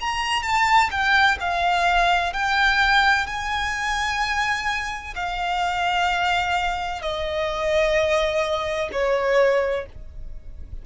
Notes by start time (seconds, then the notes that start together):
0.00 A#5
0.43 A5
0.90 G5
1.40 F5
2.33 G5
3.26 G#5
5.15 F5
7.01 D#5
8.92 C#5